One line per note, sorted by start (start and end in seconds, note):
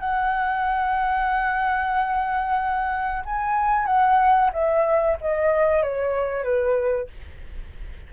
0.00 3.23 F#5
3.25 3.86 G#5
3.86 4.50 F#5
4.53 5.17 E5
5.21 5.83 D#5
5.83 6.43 C#5
6.43 7.08 B4